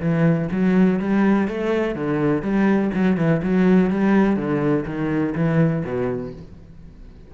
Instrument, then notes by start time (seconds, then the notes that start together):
cello
0.00 E3
0.51 F#3
0.99 G3
1.48 A3
1.95 D3
2.42 G3
2.94 F#3
3.17 E3
3.43 F#3
3.90 G3
4.36 D3
4.86 D#3
5.35 E3
5.84 B2